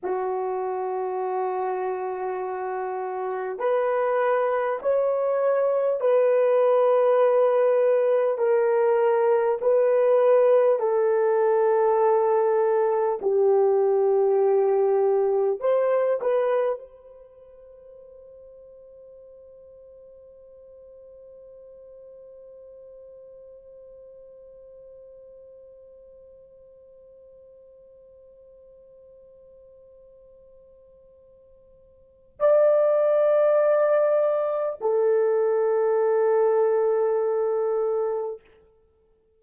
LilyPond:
\new Staff \with { instrumentName = "horn" } { \time 4/4 \tempo 4 = 50 fis'2. b'4 | cis''4 b'2 ais'4 | b'4 a'2 g'4~ | g'4 c''8 b'8 c''2~ |
c''1~ | c''1~ | c''2. d''4~ | d''4 a'2. | }